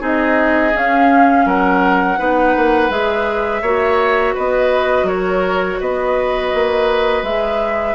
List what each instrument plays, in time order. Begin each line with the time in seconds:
0.00 bassoon C4, clarinet D#4, oboe G#4, flute D#5
0.74 clarinet C#4, bassoon C#4, flute F5
1.46 bassoon F#3, oboe A#4, flute F#5
2.19 bassoon B3, clarinet D#4, oboe B4
2.57 bassoon A#3
2.90 bassoon G#3, clarinet G#4, flute E5
3.62 bassoon A#3, clarinet F#4, oboe C#5
4.34 bassoon B3, oboe B4, flute D#5
5.03 bassoon F#3, oboe A#4, flute C#5
5.81 bassoon B3, oboe B4, flute D#5
6.55 bassoon A#3
7.23 bassoon G#3, clarinet G#4, flute E5